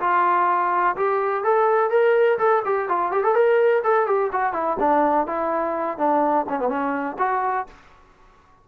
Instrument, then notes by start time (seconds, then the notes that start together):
trombone
0.00 F4
0.96 G4
1.44 A4
1.90 A#4
2.39 A4
2.65 G4
2.89 F4
3.11 G4
3.24 A4
3.35 A#4
3.84 A4
4.07 G4
4.32 F#4
4.53 E4
4.80 D4
5.26 E4
5.98 D4
6.49 C#4
6.60 B3
6.69 C#4
7.18 F#4